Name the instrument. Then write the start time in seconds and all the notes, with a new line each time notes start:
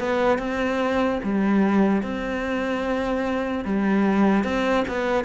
cello
0.00 B3
0.39 C4
1.24 G3
2.03 C4
3.65 G3
4.44 C4
4.89 B3